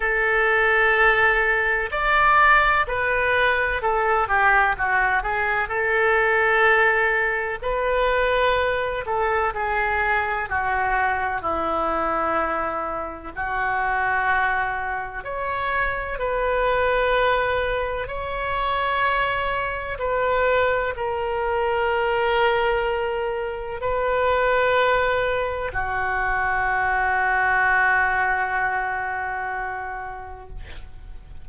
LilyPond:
\new Staff \with { instrumentName = "oboe" } { \time 4/4 \tempo 4 = 63 a'2 d''4 b'4 | a'8 g'8 fis'8 gis'8 a'2 | b'4. a'8 gis'4 fis'4 | e'2 fis'2 |
cis''4 b'2 cis''4~ | cis''4 b'4 ais'2~ | ais'4 b'2 fis'4~ | fis'1 | }